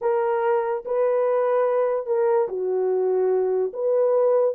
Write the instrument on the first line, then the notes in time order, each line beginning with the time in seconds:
horn
0.01 A#4
0.85 B4
2.06 A#4
2.48 F#4
3.73 B4